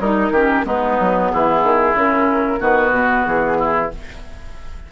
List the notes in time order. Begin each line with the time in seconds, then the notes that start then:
0.00 G3 D#4 A#4
0.30 D#3 C#4 G4
0.64 G#3 B3 D#4 B4
1.00 F#3
1.31 E3 E4 G#4
1.63 D#3
1.94 C#3 C#4 A#4
2.59 D#3 B3 F#4 B4
2.92 B2
3.26 E3 G#4
3.59 E4